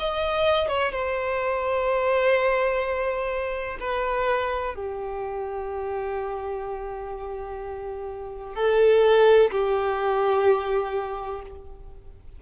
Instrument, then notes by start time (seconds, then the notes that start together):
violin
0.00 D#5
0.69 C#5
0.93 C5
3.81 B4
4.75 G4
8.56 A4
9.52 G4